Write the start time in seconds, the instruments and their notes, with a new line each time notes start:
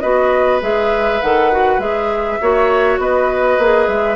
0.00 bassoon B3, clarinet F#4, oboe B4, flute D#5
0.61 bassoon G#3, clarinet G#4, flute E5
1.22 bassoon D#3, clarinet A4, flute F#5
1.52 clarinet F#4
1.78 bassoon G#3, clarinet G#4, flute E5
2.41 bassoon A#3, clarinet F#4, oboe C#5
2.98 bassoon B3, oboe B4, flute D#5
3.58 bassoon A#3, clarinet G#4
3.88 bassoon G#3, flute E5